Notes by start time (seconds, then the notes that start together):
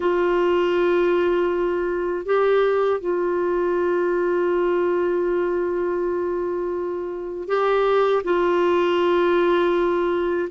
0.00 F4
2.25 G4
3.00 F4
7.48 G4
8.24 F4